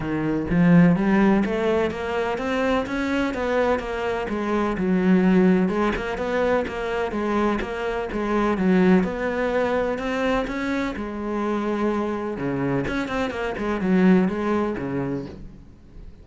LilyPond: \new Staff \with { instrumentName = "cello" } { \time 4/4 \tempo 4 = 126 dis4 f4 g4 a4 | ais4 c'4 cis'4 b4 | ais4 gis4 fis2 | gis8 ais8 b4 ais4 gis4 |
ais4 gis4 fis4 b4~ | b4 c'4 cis'4 gis4~ | gis2 cis4 cis'8 c'8 | ais8 gis8 fis4 gis4 cis4 | }